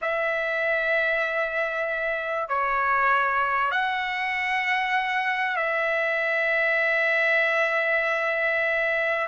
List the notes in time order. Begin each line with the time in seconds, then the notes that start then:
0.01 E5
2.48 C#5
3.71 F#5
5.56 E5